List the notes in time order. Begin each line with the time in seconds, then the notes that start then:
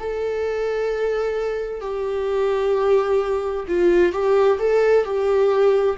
0.00 A4
1.81 G4
3.68 F4
4.13 G4
4.59 A4
5.05 G4